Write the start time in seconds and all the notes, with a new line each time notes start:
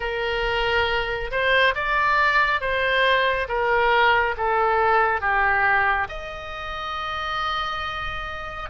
0.00 A#4
1.30 C5
1.74 D5
2.60 C5
3.48 A#4
4.37 A4
5.20 G4
6.08 D#5